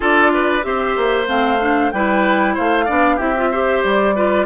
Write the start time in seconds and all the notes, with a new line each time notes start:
0.00 D4 F4 A4 D5
0.33 B4
0.62 C4 G4 C5 E5
0.97 A#3
1.27 A3 C4 F5
1.60 D4
1.91 G3 E4 B4 G5
2.54 A3 C5 F5
2.85 B3 D4 D5
3.16 C4 E4 G4 E5
3.36 F4
3.51 G4 C5
3.83 G3 D5
4.15 F4 B4